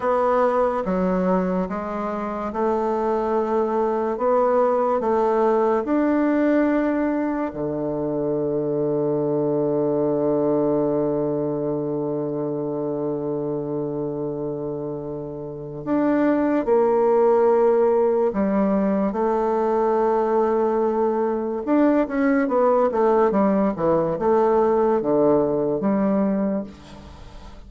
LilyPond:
\new Staff \with { instrumentName = "bassoon" } { \time 4/4 \tempo 4 = 72 b4 fis4 gis4 a4~ | a4 b4 a4 d'4~ | d'4 d2.~ | d1~ |
d2. d'4 | ais2 g4 a4~ | a2 d'8 cis'8 b8 a8 | g8 e8 a4 d4 g4 | }